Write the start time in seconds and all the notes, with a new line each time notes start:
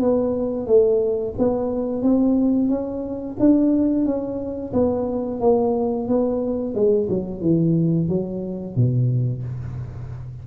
0.00 B3
0.67 A3
1.38 B3
2.02 C4
2.69 C#4
3.40 D4
4.05 C#4
4.73 B3
5.40 A#3
6.08 B3
6.75 G#3
7.09 F#3
7.41 E3
8.08 F#3
8.75 B2